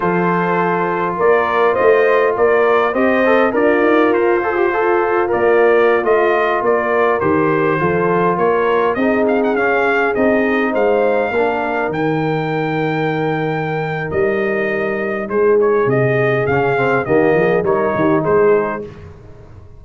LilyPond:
<<
  \new Staff \with { instrumentName = "trumpet" } { \time 4/4 \tempo 4 = 102 c''2 d''4 dis''4 | d''4 dis''4 d''4 c''4~ | c''4 d''4~ d''16 dis''4 d''8.~ | d''16 c''2 cis''4 dis''8 f''16 |
fis''16 f''4 dis''4 f''4.~ f''16~ | f''16 g''2.~ g''8. | dis''2 c''8 cis''8 dis''4 | f''4 dis''4 cis''4 c''4 | }
  \new Staff \with { instrumentName = "horn" } { \time 4/4 a'2 ais'4 c''4 | ais'4 c''4 f'2~ | f'2.~ f'16 ais'8.~ | ais'4~ ais'16 a'4 ais'4 gis'8.~ |
gis'2~ gis'16 c''4 ais'8.~ | ais'1~ | ais'2 gis'2~ | gis'4 g'8 gis'8 ais'8 g'8 gis'4 | }
  \new Staff \with { instrumentName = "trombone" } { \time 4/4 f'1~ | f'4 g'8 a'8 ais'4. a'16 g'16 | a'4 ais'4~ ais'16 f'4.~ f'16~ | f'16 g'4 f'2 dis'8.~ |
dis'16 cis'4 dis'2 d'8.~ | d'16 dis'2.~ dis'8.~ | dis'1 | cis'8 c'8 ais4 dis'2 | }
  \new Staff \with { instrumentName = "tuba" } { \time 4/4 f2 ais4 a4 | ais4 c'4 d'8 dis'8 f'4~ | f'4 ais4~ ais16 a4 ais8.~ | ais16 dis4 f4 ais4 c'8.~ |
c'16 cis'4 c'4 gis4 ais8.~ | ais16 dis2.~ dis8. | g2 gis4 c4 | cis4 dis8 f8 g8 dis8 gis4 | }
>>